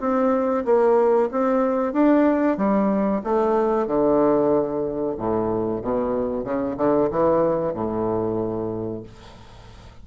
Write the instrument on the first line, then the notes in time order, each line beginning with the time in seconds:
bassoon
0.00 C4
0.65 A#3
1.31 C4
1.93 D4
2.57 G3
3.24 A3
3.87 D3
5.17 A2
5.82 B2
6.44 C#3
6.77 D3
7.11 E3
7.74 A2